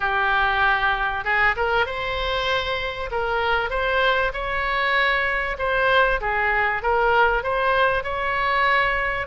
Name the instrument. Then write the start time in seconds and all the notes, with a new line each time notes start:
oboe
0.00 G4
1.24 G#4
1.56 A#4
1.86 C5
3.11 A#4
3.70 C5
4.33 C#5
5.58 C5
6.21 G#4
6.82 A#4
7.43 C5
8.03 C#5